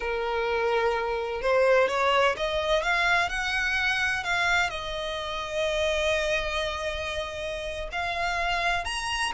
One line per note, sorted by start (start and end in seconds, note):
0.00 1.41 A#4
1.41 1.88 C5
1.88 2.35 C#5
2.36 2.83 D#5
2.83 3.29 F5
3.29 4.23 F#5
4.23 4.70 F5
4.70 7.89 D#5
7.92 8.84 F5
8.84 9.32 A#5